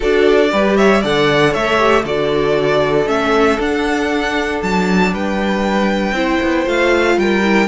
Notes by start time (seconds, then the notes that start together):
0.00 D4 F#4 A4 D5
0.52 G3 G4 B4
0.76 C#5 E5
1.01 D3 A4 D5 F#5
1.51 A3 C#5 E5
1.78 G4
2.04 D3 F#4 A4 D5
3.06 A3 C#4 E5
3.59 D4 F#5
4.62 F#3 A5
5.12 G3 B4 G5
6.12 C4 E4 C5
6.42 B3
6.65 A3 F4 F5
7.17 G3 A#4 G5
7.43 E4